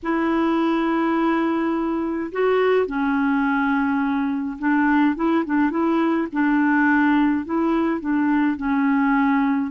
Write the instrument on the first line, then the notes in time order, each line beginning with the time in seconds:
clarinet
0.02 E4
2.32 F#4
2.86 C#4
4.58 D4
5.15 E4
5.45 D4
5.70 E4
6.32 D4
7.45 E4
8.00 D4
8.57 C#4